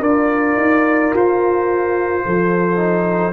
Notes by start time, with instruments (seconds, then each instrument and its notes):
0.00 tuba D4, trombone F4, horn A#4, trumpet D5
0.56 tuba D#4
1.13 tuba F4, trumpet C5
2.25 tuba F3, horn A4
2.76 trombone D#4